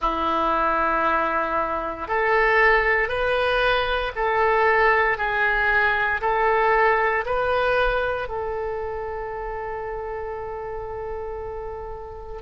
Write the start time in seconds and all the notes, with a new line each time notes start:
0.00 E4
2.07 A4
3.08 B4
4.15 A4
5.17 G#4
6.21 A4
7.25 B4
8.28 A4